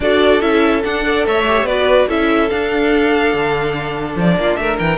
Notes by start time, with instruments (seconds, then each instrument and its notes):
0.00 cello D4, viola F#4, violin A4 D5
0.40 cello C#4, viola E4, violin E5
0.84 viola D4, cello D4, violin F#5
1.03 viola A4, violin D5
1.26 cello A3, violin C#5 E5
1.47 viola G4
1.62 cello B3, viola F#4, violin B4 D5
2.08 cello C#4, viola E4, violin A4 E5
2.49 viola D4, cello D4, violin F5
3.33 cello D3
4.16 cello F3, violin D5
4.36 cello A#3, violin F4
4.56 cello A3, violin A#4 E5
4.79 cello E3, violin G5